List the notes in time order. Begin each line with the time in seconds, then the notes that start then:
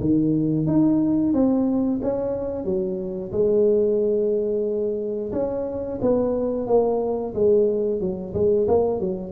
0.00 D#3
0.67 D#4
1.33 C4
2.02 C#4
2.65 F#3
3.32 G#3
5.32 C#4
6.02 B3
6.67 A#3
7.34 G#3
8.00 F#3
8.34 G#3
8.68 A#3
9.00 F#3